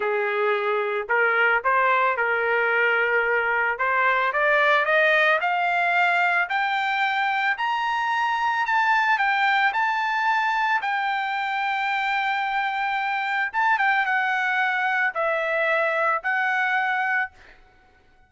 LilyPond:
\new Staff \with { instrumentName = "trumpet" } { \time 4/4 \tempo 4 = 111 gis'2 ais'4 c''4 | ais'2. c''4 | d''4 dis''4 f''2 | g''2 ais''2 |
a''4 g''4 a''2 | g''1~ | g''4 a''8 g''8 fis''2 | e''2 fis''2 | }